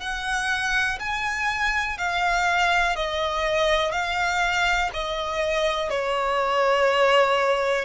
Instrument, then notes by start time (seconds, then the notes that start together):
violin
0.00 F#5
0.99 G#5
1.97 F5
2.96 D#5
3.92 F5
4.93 D#5
5.89 C#5